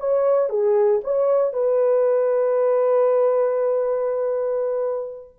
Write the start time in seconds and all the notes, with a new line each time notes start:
0.00 C#5
0.50 G#4
1.04 C#5
1.54 B4